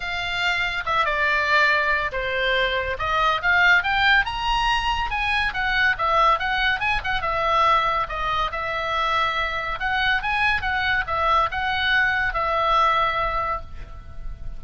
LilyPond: \new Staff \with { instrumentName = "oboe" } { \time 4/4 \tempo 4 = 141 f''2 e''8 d''4.~ | d''4 c''2 dis''4 | f''4 g''4 ais''2 | gis''4 fis''4 e''4 fis''4 |
gis''8 fis''8 e''2 dis''4 | e''2. fis''4 | gis''4 fis''4 e''4 fis''4~ | fis''4 e''2. | }